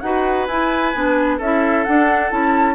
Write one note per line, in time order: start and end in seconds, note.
0.00 0.47 D#4
0.00 0.49 F#4
0.00 1.37 B4
0.00 0.46 F#5
0.46 0.93 E4
0.46 0.94 E4
0.46 1.38 G#5
0.94 1.39 B3
0.94 1.40 D4
1.37 1.85 C#4
1.37 1.86 E4
1.37 2.75 A4
1.37 1.84 E5
1.84 2.30 D4
1.84 2.31 D4
1.84 2.30 F#5
2.30 2.75 C#4
2.30 2.75 E4
2.30 2.75 A5